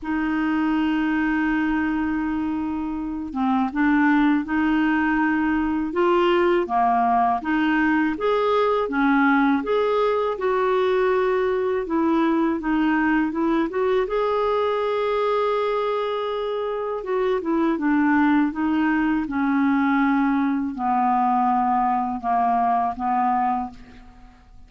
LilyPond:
\new Staff \with { instrumentName = "clarinet" } { \time 4/4 \tempo 4 = 81 dis'1~ | dis'8 c'8 d'4 dis'2 | f'4 ais4 dis'4 gis'4 | cis'4 gis'4 fis'2 |
e'4 dis'4 e'8 fis'8 gis'4~ | gis'2. fis'8 e'8 | d'4 dis'4 cis'2 | b2 ais4 b4 | }